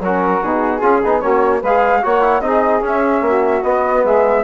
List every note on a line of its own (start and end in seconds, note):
0.00 0.40 F#3
0.00 0.43 C#4
0.00 0.81 F#4
0.00 0.43 A#4
0.42 0.82 B2
0.42 0.80 D#4
0.42 1.21 G#4
0.80 1.02 C#4
0.80 1.01 F4
0.80 1.20 G#4
1.04 1.23 B3
1.04 1.21 D#4
1.20 1.62 A#3
1.20 1.61 C#4
1.20 1.60 F#4
1.20 1.61 C#5
1.60 2.03 G#3
1.60 2.01 B4
1.60 2.04 F5
1.67 2.02 G#4
2.02 2.41 A#3
2.02 2.21 F#4
2.02 2.43 C#5
2.02 2.41 F#5
2.21 2.41 E4
2.41 2.81 C4
2.41 2.81 D#4
2.41 3.25 G#4
2.41 2.81 D#5
2.81 3.61 C#4
2.81 3.21 C#4
2.81 3.63 E5
3.21 3.61 A#3
3.21 4.04 F#4
3.63 4.03 B3
3.63 4.44 B3
3.63 4.03 D#5
4.04 4.44 G#3
4.04 4.44 G#4
4.04 4.44 E5